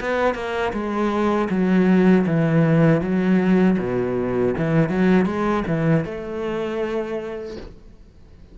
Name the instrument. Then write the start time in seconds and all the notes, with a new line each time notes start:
cello
0.00 B3
0.34 A#3
0.72 G#3
1.49 F#3
2.26 E3
3.01 F#3
3.79 B2
4.57 E3
4.88 F#3
5.25 G#3
5.67 E3
6.04 A3